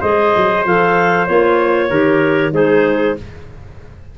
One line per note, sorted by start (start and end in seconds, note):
0.00 0.34 G#3
0.00 0.65 G#4
0.00 1.89 C5
0.00 0.64 D#5
0.36 0.64 F#3
0.64 1.28 F3
0.64 1.28 A4
0.64 1.26 F5
1.26 1.89 A#3
1.26 1.90 F4
1.26 2.52 C#5
1.89 2.52 D#3
1.89 2.53 G4
1.89 2.52 A#4
2.52 3.15 G#3
2.52 3.16 D#4
2.52 3.17 G#4
2.52 3.16 C5